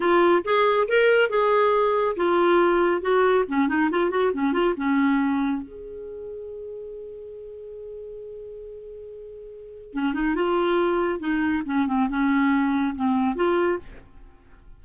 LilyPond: \new Staff \with { instrumentName = "clarinet" } { \time 4/4 \tempo 4 = 139 f'4 gis'4 ais'4 gis'4~ | gis'4 f'2 fis'4 | cis'8 dis'8 f'8 fis'8 cis'8 f'8 cis'4~ | cis'4 gis'2.~ |
gis'1~ | gis'2. cis'8 dis'8 | f'2 dis'4 cis'8 c'8 | cis'2 c'4 f'4 | }